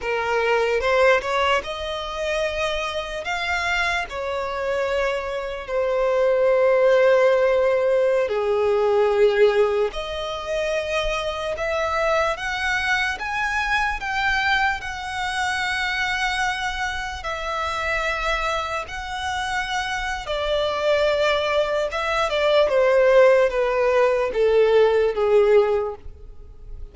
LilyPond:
\new Staff \with { instrumentName = "violin" } { \time 4/4 \tempo 4 = 74 ais'4 c''8 cis''8 dis''2 | f''4 cis''2 c''4~ | c''2~ c''16 gis'4.~ gis'16~ | gis'16 dis''2 e''4 fis''8.~ |
fis''16 gis''4 g''4 fis''4.~ fis''16~ | fis''4~ fis''16 e''2 fis''8.~ | fis''4 d''2 e''8 d''8 | c''4 b'4 a'4 gis'4 | }